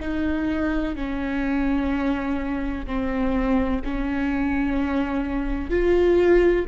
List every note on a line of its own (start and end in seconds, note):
0.00 0.95 D#4
0.95 2.86 C#4
2.86 3.81 C4
3.84 5.70 C#4
5.70 6.65 F4